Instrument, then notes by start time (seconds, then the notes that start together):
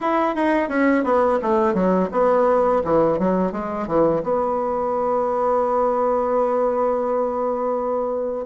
bassoon
0.01 E4
0.35 D#4
0.69 C#4
1.04 B3
1.41 A3
1.74 F#3
2.11 B3
2.84 E3
3.18 F#3
3.52 G#3
3.87 E3
4.23 B3